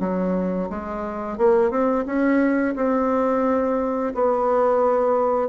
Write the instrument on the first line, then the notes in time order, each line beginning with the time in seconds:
bassoon
0.00 F#3
0.70 G#3
1.38 A#3
1.71 C4
2.06 C#4
2.76 C4
4.14 B3